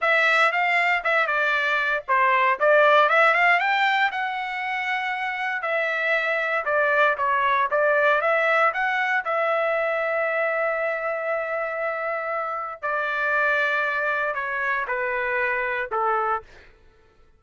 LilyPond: \new Staff \with { instrumentName = "trumpet" } { \time 4/4 \tempo 4 = 117 e''4 f''4 e''8 d''4. | c''4 d''4 e''8 f''8 g''4 | fis''2. e''4~ | e''4 d''4 cis''4 d''4 |
e''4 fis''4 e''2~ | e''1~ | e''4 d''2. | cis''4 b'2 a'4 | }